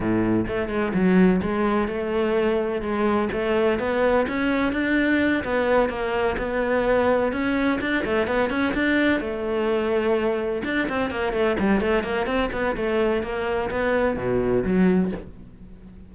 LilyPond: \new Staff \with { instrumentName = "cello" } { \time 4/4 \tempo 4 = 127 a,4 a8 gis8 fis4 gis4 | a2 gis4 a4 | b4 cis'4 d'4. b8~ | b8 ais4 b2 cis'8~ |
cis'8 d'8 a8 b8 cis'8 d'4 a8~ | a2~ a8 d'8 c'8 ais8 | a8 g8 a8 ais8 c'8 b8 a4 | ais4 b4 b,4 fis4 | }